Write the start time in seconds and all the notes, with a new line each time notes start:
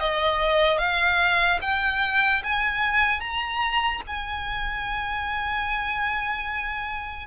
0.00 D#5
0.78 F5
1.61 G5
2.43 G#5
3.20 A#5
4.07 G#5